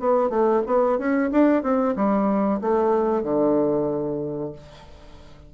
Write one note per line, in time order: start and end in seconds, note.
0.00 0.30 B3
0.30 0.62 A3
0.67 0.99 B3
0.99 1.31 C#4
1.32 1.63 D4
1.63 1.95 C4
1.96 2.61 G3
2.62 3.24 A3
3.24 4.53 D3